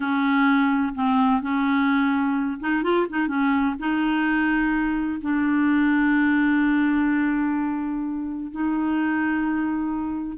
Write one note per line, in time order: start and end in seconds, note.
0.00 0.93 C#4
0.94 1.41 C4
1.41 2.59 C#4
2.60 2.83 D#4
2.83 3.06 F4
3.09 3.27 D#4
3.27 3.75 C#4
3.79 5.21 D#4
5.21 8.51 D4
8.51 10.37 D#4